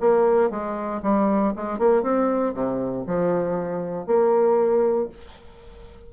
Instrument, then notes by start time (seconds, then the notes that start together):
bassoon
0.00 A#3
0.50 G#3
1.02 G3
1.56 G#3
1.79 A#3
2.03 C4
2.54 C3
3.07 F3
4.06 A#3